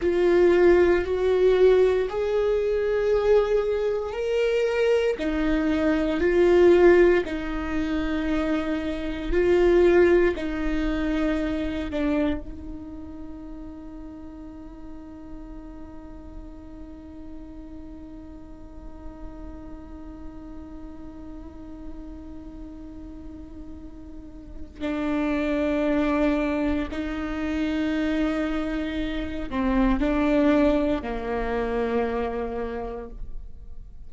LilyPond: \new Staff \with { instrumentName = "viola" } { \time 4/4 \tempo 4 = 58 f'4 fis'4 gis'2 | ais'4 dis'4 f'4 dis'4~ | dis'4 f'4 dis'4. d'8 | dis'1~ |
dis'1~ | dis'1 | d'2 dis'2~ | dis'8 c'8 d'4 ais2 | }